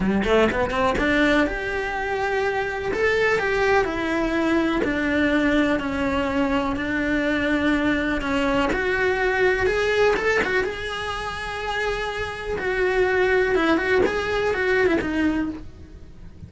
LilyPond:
\new Staff \with { instrumentName = "cello" } { \time 4/4 \tempo 4 = 124 g8 a8 b8 c'8 d'4 g'4~ | g'2 a'4 g'4 | e'2 d'2 | cis'2 d'2~ |
d'4 cis'4 fis'2 | gis'4 a'8 fis'8 gis'2~ | gis'2 fis'2 | e'8 fis'8 gis'4 fis'8. e'16 dis'4 | }